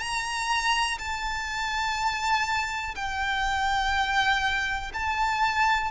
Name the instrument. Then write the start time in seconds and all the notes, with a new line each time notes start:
violin
0.00 A#5
0.99 A5
2.96 G5
4.94 A5